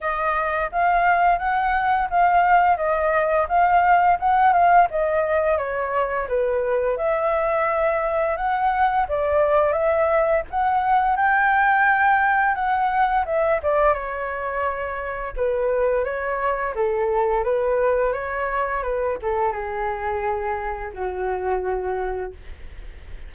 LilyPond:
\new Staff \with { instrumentName = "flute" } { \time 4/4 \tempo 4 = 86 dis''4 f''4 fis''4 f''4 | dis''4 f''4 fis''8 f''8 dis''4 | cis''4 b'4 e''2 | fis''4 d''4 e''4 fis''4 |
g''2 fis''4 e''8 d''8 | cis''2 b'4 cis''4 | a'4 b'4 cis''4 b'8 a'8 | gis'2 fis'2 | }